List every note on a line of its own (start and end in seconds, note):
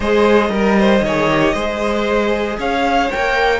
0.00 0.49 G#3
0.00 0.49 G#4
0.00 0.51 C5
0.00 2.59 D#5
0.49 1.00 G3
0.49 1.00 A#4
0.49 0.79 A#4
0.79 1.04 C5
1.01 1.53 D#3
1.01 1.54 C#5
1.07 1.30 G#4
1.30 1.56 G4
1.54 2.58 G#3
1.54 3.11 G#4
1.54 2.57 C5
2.58 3.10 C#4
2.58 3.60 C#5
2.58 3.11 F5
3.11 3.60 A#3
3.11 3.60 A#4
3.11 3.60 G5